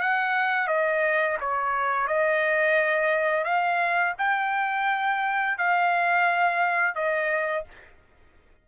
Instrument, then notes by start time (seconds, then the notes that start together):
trumpet
0.00 F#5
0.67 D#5
1.40 C#5
2.07 D#5
3.43 F5
4.18 G5
5.58 F5
6.95 D#5